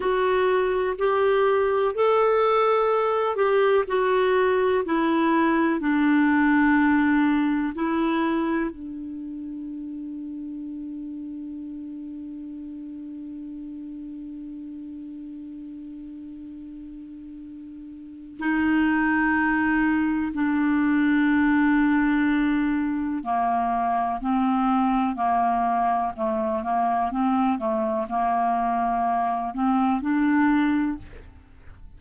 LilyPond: \new Staff \with { instrumentName = "clarinet" } { \time 4/4 \tempo 4 = 62 fis'4 g'4 a'4. g'8 | fis'4 e'4 d'2 | e'4 d'2.~ | d'1~ |
d'2. dis'4~ | dis'4 d'2. | ais4 c'4 ais4 a8 ais8 | c'8 a8 ais4. c'8 d'4 | }